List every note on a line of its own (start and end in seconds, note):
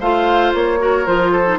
0.00 0.53 A3
0.00 0.79 F4
0.00 0.79 C5
0.00 0.54 F5
0.54 1.06 A#3
0.54 1.07 C#5
0.79 1.05 F#4
0.79 1.32 A#4
1.06 1.59 F3
1.06 1.45 F4
1.06 1.59 C5
1.32 1.58 A4
1.46 1.59 D#4